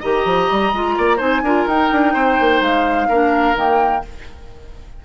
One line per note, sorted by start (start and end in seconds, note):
0.00 0.25 D#3
0.00 0.74 G4
0.00 0.94 D#5
0.00 1.20 A#5
0.25 0.49 F3
0.51 0.73 G3
0.73 0.97 G#3
0.73 1.18 F4
0.98 1.20 A#3
0.98 1.17 D5
1.17 1.42 C4
1.17 1.42 D#4
1.17 1.41 C5
1.17 1.68 G#5
1.42 1.66 D4
1.42 1.70 F4
1.42 2.14 A#4
1.66 1.90 D#4
1.66 3.12 D#4
1.66 2.63 G5
1.92 2.15 D4
2.14 2.38 C4
2.14 3.08 C5
2.40 2.61 A#3
2.61 3.08 G#3
2.61 3.57 F5
3.09 3.55 A#3
3.09 3.55 D4
3.09 4.03 A#4
3.55 4.02 D#3
3.55 4.02 A#3
3.55 4.05 G5